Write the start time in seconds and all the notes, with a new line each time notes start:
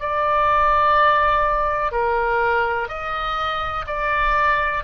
0.00 D5
1.92 A#4
2.89 D#5
3.87 D5